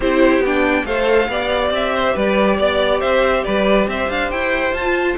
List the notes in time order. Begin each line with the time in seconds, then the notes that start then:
0.00 C4 E4 G4 C5
0.39 B3 D4
0.46 G5
0.85 A3 A4 C5 F5
1.28 B3 G4 D5
1.70 C4 E5
1.94 C5
2.14 G3 B4 D5
2.58 B3 D5
3.00 C4 C5 E5
3.43 G3 B4 D5
3.87 C4 C5 E5
4.10 D4 F5
4.30 E4 G5
4.72 F4 A5
4.79 F4